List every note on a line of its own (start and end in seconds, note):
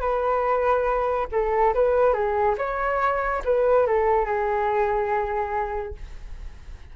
0.00 1.27 B4
1.31 1.74 A4
1.74 2.13 B4
2.13 2.55 G#4
2.58 3.42 C#5
3.44 3.86 B4
3.86 4.25 A4
4.25 5.94 G#4